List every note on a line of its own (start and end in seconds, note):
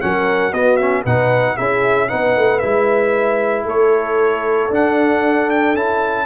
0.00 0.52 F#3
0.00 0.52 C#4
0.00 0.52 A#4
0.00 0.53 F#5
0.52 1.04 B3
0.52 0.79 B3
0.52 1.02 F#4
0.52 0.76 D#5
0.76 1.05 C#4
0.76 1.02 E5
1.02 1.57 B2
1.02 1.57 D#4
1.02 1.54 B4
1.02 1.56 F#5
1.56 2.11 C#4
1.56 2.08 E4
1.56 2.08 G#4
1.56 2.08 E5
2.08 2.36 B3
2.08 2.60 D#4
2.08 3.64 B4
2.08 2.59 F#5
2.36 2.62 A3
2.59 3.65 G#3
2.59 4.71 E4
2.59 3.63 E5
3.64 4.69 A3
3.64 6.25 A4
3.64 4.72 C#5
4.70 5.74 D4
4.70 5.75 D4
4.70 5.50 F#5
5.50 5.76 G5
5.74 6.26 C#4
5.74 6.26 E4
5.74 6.26 A5